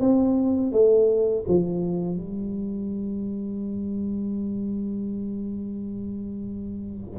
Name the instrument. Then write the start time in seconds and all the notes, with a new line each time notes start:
tuba
0.00 C4
0.72 A3
1.47 F3
2.16 G3